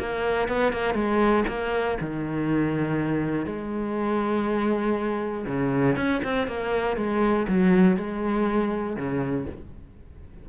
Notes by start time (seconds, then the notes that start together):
0.00 A#3
0.49 B3
0.73 A#3
0.95 G#3
1.48 A#3
2.01 D#3
3.46 G#3
5.47 C#3
5.97 C#4
6.24 C4
6.48 A#3
6.97 G#3
7.49 F#3
7.97 G#3
8.97 C#3